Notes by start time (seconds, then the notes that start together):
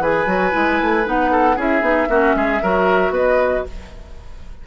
0.00 E3 G#4 B4 G#5
0.26 F#3 F#4
0.52 G#3 E4
0.81 A3
1.04 B3 D#4 F#5
1.32 A4
1.56 C#4 E4 G#4 E5
1.82 B3 D#4
2.09 A#3 C#4 F#4
2.35 G#3 G#4
2.63 F#3 F#4 A#4
3.11 B3 B4 D#5